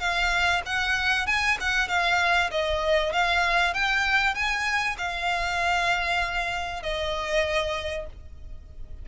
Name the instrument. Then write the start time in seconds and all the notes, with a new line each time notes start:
violin
0.00 F5
0.66 F#5
1.27 G#5
1.60 F#5
1.88 F5
2.51 D#5
3.13 F5
3.74 G5
4.35 G#5
4.98 F5
6.83 D#5